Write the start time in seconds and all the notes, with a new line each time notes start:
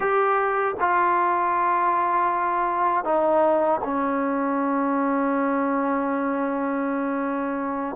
0.00 G4
0.80 F4
3.04 D#4
3.84 C#4